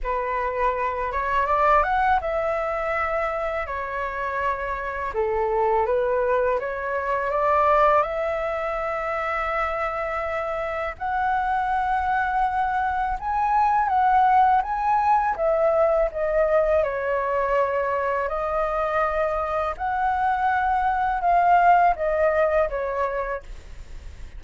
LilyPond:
\new Staff \with { instrumentName = "flute" } { \time 4/4 \tempo 4 = 82 b'4. cis''8 d''8 fis''8 e''4~ | e''4 cis''2 a'4 | b'4 cis''4 d''4 e''4~ | e''2. fis''4~ |
fis''2 gis''4 fis''4 | gis''4 e''4 dis''4 cis''4~ | cis''4 dis''2 fis''4~ | fis''4 f''4 dis''4 cis''4 | }